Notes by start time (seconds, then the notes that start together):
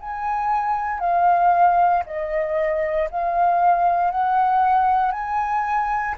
0.00 G#5
0.99 F5
2.05 D#5
3.10 F5
4.11 F#5
5.12 G#5